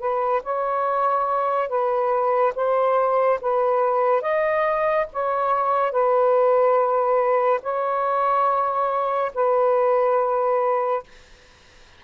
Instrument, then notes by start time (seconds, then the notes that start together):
saxophone
0.00 B4
0.43 C#5
1.69 B4
2.55 C5
3.41 B4
4.22 D#5
5.13 C#5
5.92 B4
7.63 C#5
9.35 B4